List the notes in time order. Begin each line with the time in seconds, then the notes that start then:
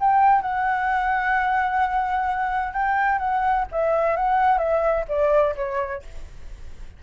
0.00 G5
0.42 F#5
2.73 G5
3.18 F#5
3.71 E5
4.16 F#5
4.58 E5
5.08 D5
5.56 C#5